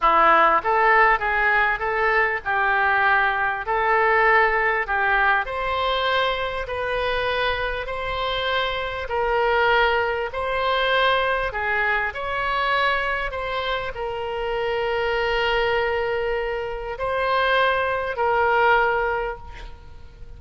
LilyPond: \new Staff \with { instrumentName = "oboe" } { \time 4/4 \tempo 4 = 99 e'4 a'4 gis'4 a'4 | g'2 a'2 | g'4 c''2 b'4~ | b'4 c''2 ais'4~ |
ais'4 c''2 gis'4 | cis''2 c''4 ais'4~ | ais'1 | c''2 ais'2 | }